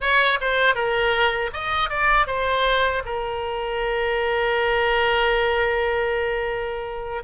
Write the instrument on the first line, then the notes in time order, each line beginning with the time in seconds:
oboe
0.00 C#5
0.40 C5
0.74 A#4
1.53 D#5
1.90 D5
2.26 C5
3.05 A#4